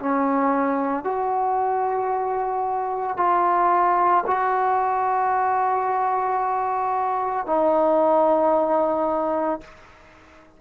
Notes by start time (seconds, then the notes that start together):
0.00 C#4
1.04 F#4
3.18 F4
4.27 F#4
7.47 D#4